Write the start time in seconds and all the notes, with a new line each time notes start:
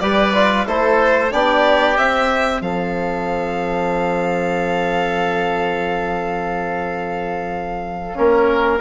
0.00 G3 G4 B4 D5
0.35 F4
0.67 A3 E4 A4 C5
1.31 B3 D4 G4 D5
1.96 C4 E5
2.60 F3 A4 F5
8.15 A#3 C#4 A#4